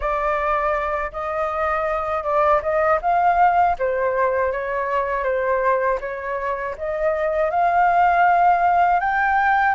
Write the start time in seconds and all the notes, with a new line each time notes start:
0.00 D5
1.11 D#5
2.23 D5
2.62 D#5
3.01 F5
3.78 C5
4.52 C#5
5.23 C5
6.00 C#5
6.77 D#5
7.50 F5
9.00 G5